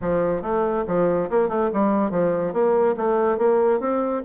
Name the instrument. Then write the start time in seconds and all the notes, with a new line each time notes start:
bassoon
0.01 F3
0.42 A3
0.87 F3
1.29 A#3
1.48 A3
1.73 G3
2.10 F3
2.53 A#3
2.96 A3
3.37 A#3
3.80 C4